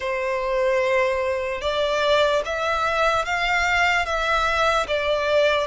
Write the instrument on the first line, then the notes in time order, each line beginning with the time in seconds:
violin
0.00 C5
1.61 D5
2.45 E5
3.25 F5
4.05 E5
4.87 D5